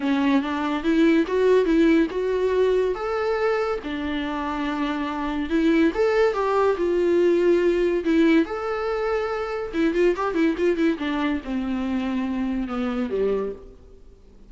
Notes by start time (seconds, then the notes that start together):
0.00 C#4
0.42 D4
0.83 E4
1.27 F#4
1.65 E4
2.10 F#4
2.94 A4
3.83 D4
5.49 E4
5.94 A4
6.33 G4
6.77 F4
8.04 E4
8.45 A4
9.73 E4
9.94 F4
10.16 G4
10.34 E4
10.57 F4
10.76 E4
10.98 D4
11.44 C4
12.68 B3
13.09 G3